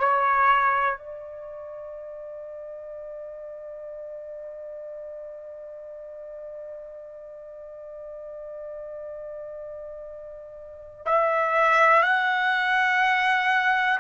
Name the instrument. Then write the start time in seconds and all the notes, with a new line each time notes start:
trumpet
0.00 C#5
0.98 D5
11.06 E5
12.03 F#5